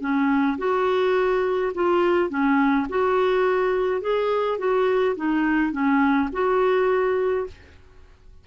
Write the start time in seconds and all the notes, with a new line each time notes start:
0.00 C#4
0.58 F#4
1.74 F4
2.29 C#4
2.89 F#4
4.01 G#4
4.58 F#4
5.16 D#4
5.72 C#4
6.32 F#4